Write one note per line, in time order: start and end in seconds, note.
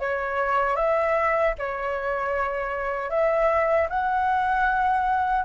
0.00 0.76 C#5
0.76 1.54 E5
1.59 3.10 C#5
3.10 3.88 E5
3.90 5.45 F#5